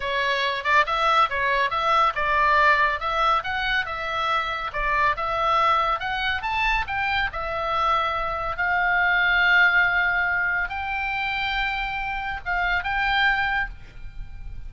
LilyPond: \new Staff \with { instrumentName = "oboe" } { \time 4/4 \tempo 4 = 140 cis''4. d''8 e''4 cis''4 | e''4 d''2 e''4 | fis''4 e''2 d''4 | e''2 fis''4 a''4 |
g''4 e''2. | f''1~ | f''4 g''2.~ | g''4 f''4 g''2 | }